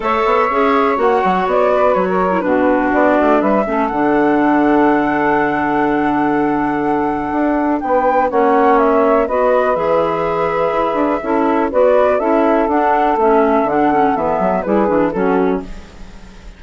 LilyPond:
<<
  \new Staff \with { instrumentName = "flute" } { \time 4/4 \tempo 4 = 123 e''2 fis''4 d''4 | cis''4 b'4 d''4 e''4 | fis''1~ | fis''1 |
g''4 fis''4 e''4 dis''4 | e''1 | d''4 e''4 fis''4 e''4 | fis''4 e''4 b'4 a'4 | }
  \new Staff \with { instrumentName = "saxophone" } { \time 4/4 cis''2.~ cis''8 b'8~ | b'16 ais'8. fis'2 b'8 a'8~ | a'1~ | a'1 |
b'4 cis''2 b'4~ | b'2. a'4 | b'4 a'2.~ | a'2 gis'4 fis'4 | }
  \new Staff \with { instrumentName = "clarinet" } { \time 4/4 a'4 gis'4 fis'2~ | fis'8. e'16 d'2~ d'8 cis'8 | d'1~ | d'1~ |
d'4 cis'2 fis'4 | gis'2. e'4 | fis'4 e'4 d'4 cis'4 | d'8 cis'8 b4 e'8 d'8 cis'4 | }
  \new Staff \with { instrumentName = "bassoon" } { \time 4/4 a8 b8 cis'4 ais8 fis8 b4 | fis4 b,4 b8 a8 g8 a8 | d1~ | d2. d'4 |
b4 ais2 b4 | e2 e'8 d'8 cis'4 | b4 cis'4 d'4 a4 | d4 e8 fis8 g8 e8 fis4 | }
>>